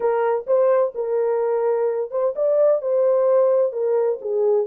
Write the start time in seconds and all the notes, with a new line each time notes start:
0.00 A#4
0.46 C5
0.94 A#4
2.10 C5
2.35 D5
2.81 C5
3.72 A#4
4.21 G#4